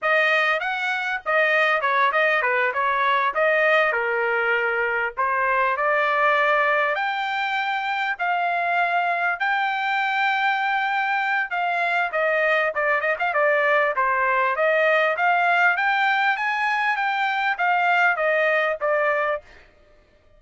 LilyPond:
\new Staff \with { instrumentName = "trumpet" } { \time 4/4 \tempo 4 = 99 dis''4 fis''4 dis''4 cis''8 dis''8 | b'8 cis''4 dis''4 ais'4.~ | ais'8 c''4 d''2 g''8~ | g''4. f''2 g''8~ |
g''2. f''4 | dis''4 d''8 dis''16 f''16 d''4 c''4 | dis''4 f''4 g''4 gis''4 | g''4 f''4 dis''4 d''4 | }